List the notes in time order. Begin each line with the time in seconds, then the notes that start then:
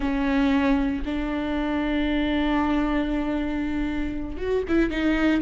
0.00 C#4
1.05 D4
4.37 F#4
4.68 E4
4.90 D#4